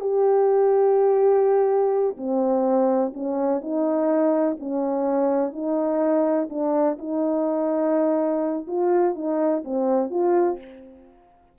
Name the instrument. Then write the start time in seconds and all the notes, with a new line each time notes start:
horn
0.00 G4
2.17 C4
3.14 C#4
3.61 D#4
4.59 C#4
5.53 D#4
6.49 D4
6.98 D#4
8.67 F4
9.15 D#4
9.64 C4
10.10 F4